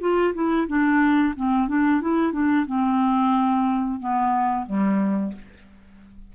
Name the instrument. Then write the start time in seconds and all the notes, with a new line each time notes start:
clarinet
0.00 F4
0.34 E4
0.67 D4
1.36 C4
1.68 D4
2.01 E4
2.32 D4
2.66 C4
3.99 B3
4.66 G3